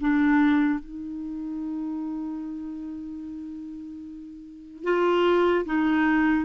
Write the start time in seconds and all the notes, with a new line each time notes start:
0.00 D4
0.79 D#4
4.84 F4
5.65 D#4